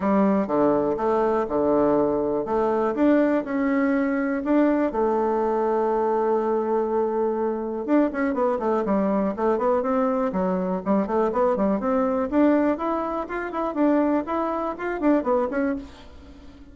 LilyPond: \new Staff \with { instrumentName = "bassoon" } { \time 4/4 \tempo 4 = 122 g4 d4 a4 d4~ | d4 a4 d'4 cis'4~ | cis'4 d'4 a2~ | a1 |
d'8 cis'8 b8 a8 g4 a8 b8 | c'4 fis4 g8 a8 b8 g8 | c'4 d'4 e'4 f'8 e'8 | d'4 e'4 f'8 d'8 b8 cis'8 | }